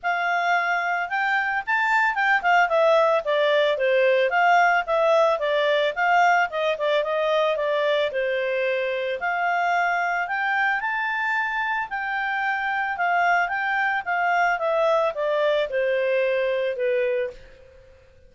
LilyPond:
\new Staff \with { instrumentName = "clarinet" } { \time 4/4 \tempo 4 = 111 f''2 g''4 a''4 | g''8 f''8 e''4 d''4 c''4 | f''4 e''4 d''4 f''4 | dis''8 d''8 dis''4 d''4 c''4~ |
c''4 f''2 g''4 | a''2 g''2 | f''4 g''4 f''4 e''4 | d''4 c''2 b'4 | }